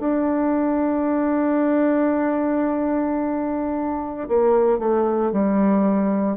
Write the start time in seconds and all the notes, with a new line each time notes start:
0.00 D4
4.29 A#3
4.79 A3
5.32 G3